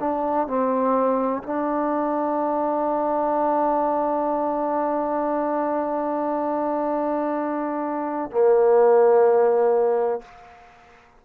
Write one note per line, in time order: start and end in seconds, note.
0.00 0.48 D4
0.48 1.43 C4
1.43 8.31 D4
8.31 10.22 A#3